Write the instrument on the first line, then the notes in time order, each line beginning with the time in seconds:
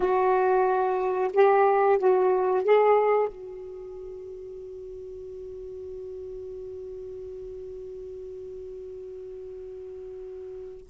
saxophone
0.00 F#4
1.33 G4
1.98 F#4
2.64 G#4
3.28 F#4